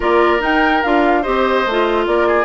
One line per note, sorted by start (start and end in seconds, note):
0.00 0.40 A#3
0.00 0.39 F4
0.00 1.21 A#4
0.00 0.42 D5
0.39 0.80 D#4
0.39 0.82 D#4
0.39 0.82 G5
0.82 1.26 D4
0.82 1.23 F4
0.82 1.23 F5
1.21 1.66 C4
1.21 1.65 G4
1.21 2.04 C5
1.21 2.06 D#5
1.66 2.06 A3
1.66 2.44 F4
2.06 2.44 A#3
2.06 2.27 A#4
2.06 2.44 D5
2.27 2.44 G#4